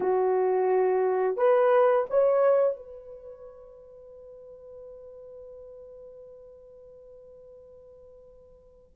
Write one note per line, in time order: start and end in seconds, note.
0.00 1.36 F#4
1.36 2.05 B4
2.10 2.76 C#5
2.76 8.96 B4